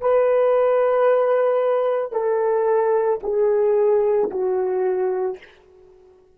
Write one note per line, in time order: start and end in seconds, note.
0.00 2.12 B4
2.12 3.19 A4
3.22 4.30 G#4
4.31 5.38 F#4